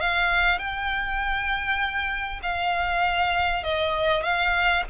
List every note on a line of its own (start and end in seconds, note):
0.00 0.58 F5
0.58 2.40 G5
2.42 3.63 F5
3.63 4.23 D#5
4.23 4.83 F5